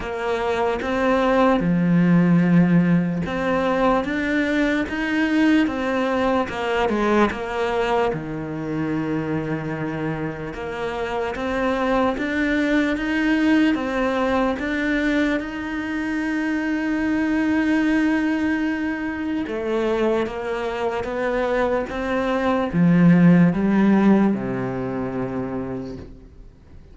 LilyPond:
\new Staff \with { instrumentName = "cello" } { \time 4/4 \tempo 4 = 74 ais4 c'4 f2 | c'4 d'4 dis'4 c'4 | ais8 gis8 ais4 dis2~ | dis4 ais4 c'4 d'4 |
dis'4 c'4 d'4 dis'4~ | dis'1 | a4 ais4 b4 c'4 | f4 g4 c2 | }